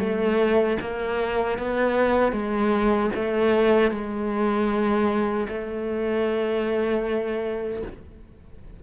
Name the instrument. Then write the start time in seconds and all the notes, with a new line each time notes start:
cello
0.00 A3
0.81 A#3
1.59 B3
2.33 G#3
3.16 A3
3.92 G#3
5.49 A3